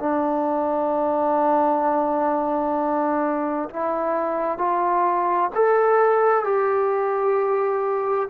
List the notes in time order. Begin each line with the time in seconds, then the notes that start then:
0.00 D4
3.70 E4
4.58 F4
5.55 A4
6.44 G4